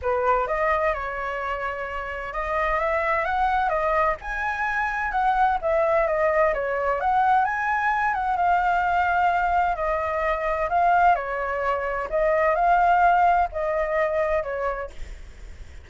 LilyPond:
\new Staff \with { instrumentName = "flute" } { \time 4/4 \tempo 4 = 129 b'4 dis''4 cis''2~ | cis''4 dis''4 e''4 fis''4 | dis''4 gis''2 fis''4 | e''4 dis''4 cis''4 fis''4 |
gis''4. fis''8 f''2~ | f''4 dis''2 f''4 | cis''2 dis''4 f''4~ | f''4 dis''2 cis''4 | }